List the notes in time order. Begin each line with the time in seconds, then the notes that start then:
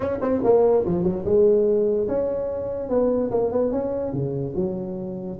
0.00 C#4
0.21 C4
0.43 A#3
0.85 F3
1.03 F#3
1.24 G#3
2.08 C#4
2.89 B3
3.30 A#3
3.51 B3
3.71 C#4
4.12 C#3
4.55 F#3